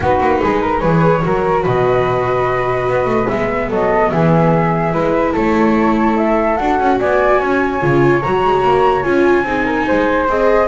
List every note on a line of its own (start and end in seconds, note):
0.00 0.19 B3
0.00 0.83 D#4
0.00 0.40 F#4
0.00 0.78 B4
0.20 0.41 A#3
0.43 0.82 G#3
0.43 0.61 G#4
0.61 0.80 A#4
0.78 1.23 E3
0.78 1.22 G#4
0.78 1.21 B4
0.78 1.61 C#5
1.22 1.66 F#3
1.22 3.27 F#4
1.22 1.62 A#4
1.62 2.88 B2
1.62 3.68 B4
1.62 3.28 D#5
2.88 3.05 B3
3.05 3.26 A3
3.27 3.70 G#3
3.27 4.91 B3
3.27 3.69 E5
3.68 4.11 F#3
3.68 4.10 A4
3.68 4.10 D#5
4.10 4.94 E3
4.10 4.93 G#4
4.10 5.33 E5
4.92 5.35 G#3
4.92 6.56 E4
4.92 5.32 B4
5.32 6.59 A3
5.32 6.96 A4
5.32 6.17 C#5
6.17 6.56 E5
6.56 6.79 D4
6.56 7.80 F#4
6.56 6.97 F#5
6.79 7.00 C#4
6.98 7.41 B3
6.98 7.39 D5
6.98 8.21 G#5
7.39 7.82 C#4
7.39 9.45 C#5
7.80 8.23 C#3
7.80 8.21 F4
8.21 8.44 F#3
8.21 9.03 F#4
8.21 9.02 A#5
8.44 8.63 G#3
8.63 9.04 A#3
9.02 9.43 C#4
9.02 9.44 F4
9.02 10.26 G#5
9.43 9.84 C4
9.43 10.27 D#4
9.43 9.65 G#4
9.65 9.85 A#4
9.87 10.28 G#3
9.87 10.67 C5
10.28 10.67 C4
10.28 10.67 G#4
10.28 10.67 D#5